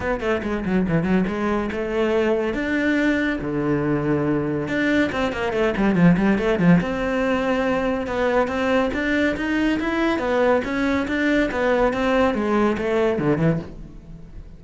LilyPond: \new Staff \with { instrumentName = "cello" } { \time 4/4 \tempo 4 = 141 b8 a8 gis8 fis8 e8 fis8 gis4 | a2 d'2 | d2. d'4 | c'8 ais8 a8 g8 f8 g8 a8 f8 |
c'2. b4 | c'4 d'4 dis'4 e'4 | b4 cis'4 d'4 b4 | c'4 gis4 a4 d8 e8 | }